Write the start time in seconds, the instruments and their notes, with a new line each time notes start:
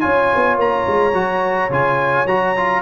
0.00 tuba C#4, trombone F4, horn C#5, trumpet G#5
0.35 tuba B3
0.57 tuba A#3, trumpet A#5
0.87 tuba G#3
1.13 tuba F#3, trombone F#4
1.69 tuba C#3, trombone F4, trumpet G#5
2.26 tuba F#3, trombone F#4, trumpet A#5
2.56 trombone F4